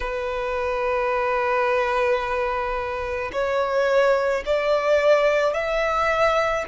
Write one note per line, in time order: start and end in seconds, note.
0.00 3.31 B4
3.32 4.43 C#5
4.45 5.53 D5
5.53 6.64 E5